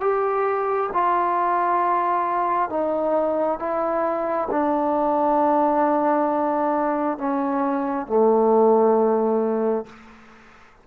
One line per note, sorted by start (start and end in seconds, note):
0.00 0.90 G4
0.93 2.69 F4
2.69 3.59 D#4
3.59 4.49 E4
4.51 7.18 D4
7.18 8.07 C#4
8.07 9.86 A3